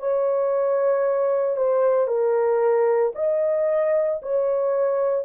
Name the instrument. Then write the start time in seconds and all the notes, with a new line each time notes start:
horn
0.00 C#5
1.57 C5
2.08 A#4
3.16 D#5
4.22 C#5